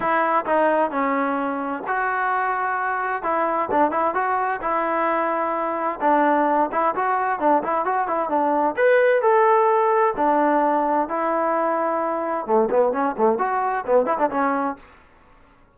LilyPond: \new Staff \with { instrumentName = "trombone" } { \time 4/4 \tempo 4 = 130 e'4 dis'4 cis'2 | fis'2. e'4 | d'8 e'8 fis'4 e'2~ | e'4 d'4. e'8 fis'4 |
d'8 e'8 fis'8 e'8 d'4 b'4 | a'2 d'2 | e'2. a8 b8 | cis'8 a8 fis'4 b8 e'16 d'16 cis'4 | }